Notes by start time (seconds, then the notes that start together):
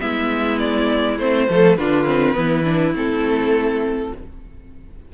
0.00 G#3 B3 E4 E5
0.59 D5
1.19 A3 C4 C5
1.48 F3 A3 A4
1.76 D3 D4 F4 B4
2.05 C4
2.34 E3 B3 E4
2.65 D4
2.95 A3 C4 A4